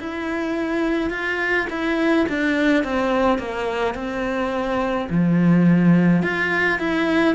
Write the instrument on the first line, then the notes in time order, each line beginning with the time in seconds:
cello
0.00 E4
1.10 F4
1.70 E4
2.29 D4
2.84 C4
3.39 A#3
3.95 C4
5.10 F3
6.23 F4
6.79 E4